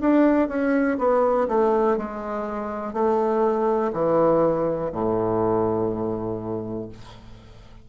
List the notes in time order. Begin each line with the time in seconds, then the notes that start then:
0.00 D4
0.48 C#4
0.98 B3
1.48 A3
1.97 G#3
2.93 A3
3.93 E3
4.92 A2